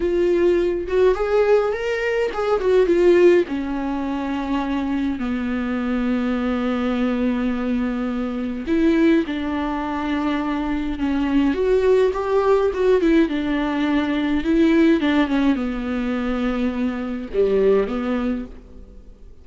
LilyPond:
\new Staff \with { instrumentName = "viola" } { \time 4/4 \tempo 4 = 104 f'4. fis'8 gis'4 ais'4 | gis'8 fis'8 f'4 cis'2~ | cis'4 b2.~ | b2. e'4 |
d'2. cis'4 | fis'4 g'4 fis'8 e'8 d'4~ | d'4 e'4 d'8 cis'8 b4~ | b2 g4 b4 | }